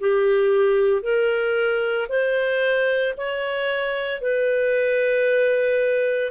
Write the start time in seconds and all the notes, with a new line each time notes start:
0.00 G4
1.02 A#4
2.09 C5
3.17 C#5
4.21 B4